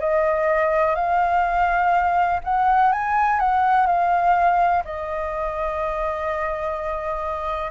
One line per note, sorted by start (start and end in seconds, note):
0.00 0.95 D#5
0.95 2.41 F5
2.44 2.92 F#5
2.92 3.40 G#5
3.40 3.87 F#5
3.87 4.83 F5
4.85 7.71 D#5